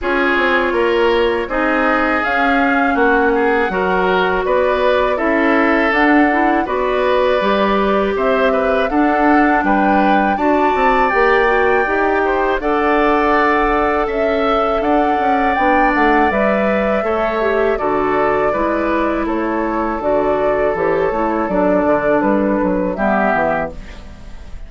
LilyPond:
<<
  \new Staff \with { instrumentName = "flute" } { \time 4/4 \tempo 4 = 81 cis''2 dis''4 f''4 | fis''2 d''4 e''4 | fis''4 d''2 e''4 | fis''4 g''4 a''4 g''4~ |
g''4 fis''2 e''4 | fis''4 g''8 fis''8 e''2 | d''2 cis''4 d''4 | cis''4 d''4 b'4 e''4 | }
  \new Staff \with { instrumentName = "oboe" } { \time 4/4 gis'4 ais'4 gis'2 | fis'8 gis'8 ais'4 b'4 a'4~ | a'4 b'2 c''8 b'8 | a'4 b'4 d''2~ |
d''8 c''8 d''2 e''4 | d''2. cis''4 | a'4 b'4 a'2~ | a'2. g'4 | }
  \new Staff \with { instrumentName = "clarinet" } { \time 4/4 f'2 dis'4 cis'4~ | cis'4 fis'2 e'4 | d'8 e'8 fis'4 g'2 | d'2 fis'4 g'8 fis'8 |
g'4 a'2.~ | a'4 d'4 b'4 a'8 g'8 | fis'4 e'2 fis'4 | g'8 e'8 d'2 b4 | }
  \new Staff \with { instrumentName = "bassoon" } { \time 4/4 cis'8 c'8 ais4 c'4 cis'4 | ais4 fis4 b4 cis'4 | d'4 b4 g4 c'4 | d'4 g4 d'8 c'8 ais4 |
dis'4 d'2 cis'4 | d'8 cis'8 b8 a8 g4 a4 | d4 gis4 a4 d4 | e8 a8 fis8 d8 g8 fis8 g8 e8 | }
>>